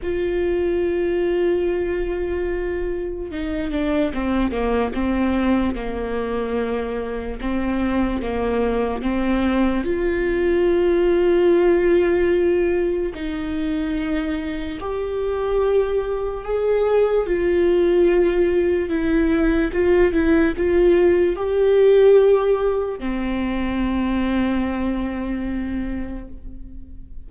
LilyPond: \new Staff \with { instrumentName = "viola" } { \time 4/4 \tempo 4 = 73 f'1 | dis'8 d'8 c'8 ais8 c'4 ais4~ | ais4 c'4 ais4 c'4 | f'1 |
dis'2 g'2 | gis'4 f'2 e'4 | f'8 e'8 f'4 g'2 | c'1 | }